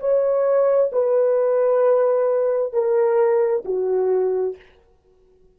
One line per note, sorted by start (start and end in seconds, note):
0.00 0.91 C#5
0.93 2.73 B4
2.73 3.64 A#4
3.65 4.56 F#4